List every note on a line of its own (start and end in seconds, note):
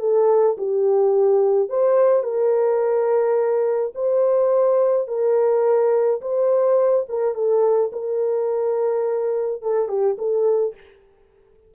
0.00 0.57 A4
0.58 1.69 G4
1.69 2.23 C5
2.23 3.93 A#4
3.95 5.08 C5
5.08 6.21 A#4
6.21 7.06 C5
7.09 7.35 A#4
7.35 7.91 A4
7.92 9.62 A#4
9.62 9.89 A4
9.89 10.17 G4
10.18 10.75 A4